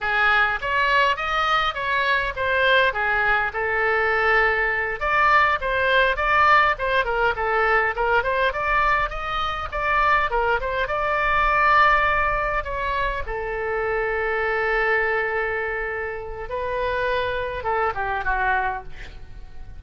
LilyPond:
\new Staff \with { instrumentName = "oboe" } { \time 4/4 \tempo 4 = 102 gis'4 cis''4 dis''4 cis''4 | c''4 gis'4 a'2~ | a'8 d''4 c''4 d''4 c''8 | ais'8 a'4 ais'8 c''8 d''4 dis''8~ |
dis''8 d''4 ais'8 c''8 d''4.~ | d''4. cis''4 a'4.~ | a'1 | b'2 a'8 g'8 fis'4 | }